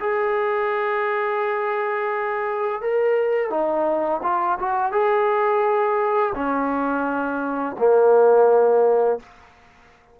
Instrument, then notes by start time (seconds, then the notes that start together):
trombone
0.00 G#4
2.82 A#4
3.50 D#4
4.23 F4
4.59 F#4
4.92 G#4
6.35 C#4
7.78 A#3